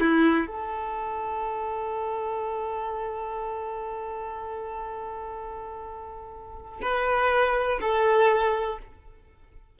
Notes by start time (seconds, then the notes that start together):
0.00 E4
0.47 A4
6.82 B4
7.81 A4